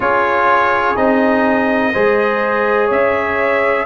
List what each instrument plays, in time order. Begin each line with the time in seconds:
0.00 tuba C#4, trombone F4, horn G#4, trumpet C#5
0.96 tuba C4, trombone D#4, trumpet D#5
1.92 tuba G#3, trombone G#4, horn C5
2.86 tuba C#4, horn C#5, trumpet E5